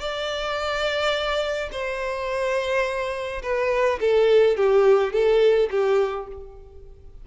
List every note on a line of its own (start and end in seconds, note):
0.00 1.70 D5
1.72 3.42 C5
3.42 3.99 B4
4.01 4.57 A4
4.57 5.13 G4
5.13 5.69 A4
5.71 6.27 G4